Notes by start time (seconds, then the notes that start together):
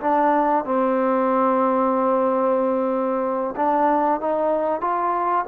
0.00 D4
0.64 C4
3.56 D4
4.20 D#4
4.80 F4